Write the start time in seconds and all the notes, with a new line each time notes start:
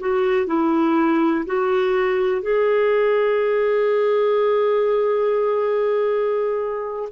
0.00 F#4
0.47 E4
1.46 F#4
2.42 G#4